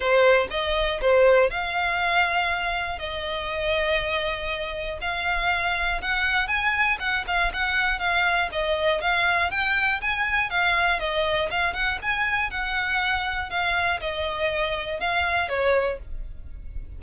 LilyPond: \new Staff \with { instrumentName = "violin" } { \time 4/4 \tempo 4 = 120 c''4 dis''4 c''4 f''4~ | f''2 dis''2~ | dis''2 f''2 | fis''4 gis''4 fis''8 f''8 fis''4 |
f''4 dis''4 f''4 g''4 | gis''4 f''4 dis''4 f''8 fis''8 | gis''4 fis''2 f''4 | dis''2 f''4 cis''4 | }